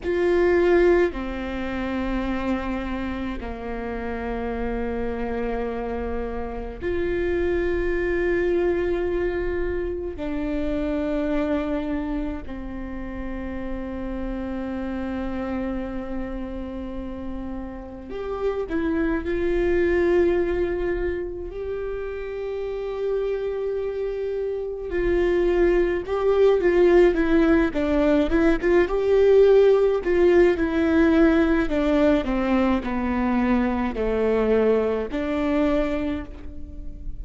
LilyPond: \new Staff \with { instrumentName = "viola" } { \time 4/4 \tempo 4 = 53 f'4 c'2 ais4~ | ais2 f'2~ | f'4 d'2 c'4~ | c'1 |
g'8 e'8 f'2 g'4~ | g'2 f'4 g'8 f'8 | e'8 d'8 e'16 f'16 g'4 f'8 e'4 | d'8 c'8 b4 a4 d'4 | }